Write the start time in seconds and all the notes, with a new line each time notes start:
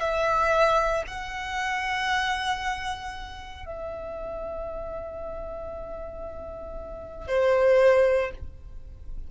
0.00 E5
1.07 F#5
3.66 E5
7.27 C5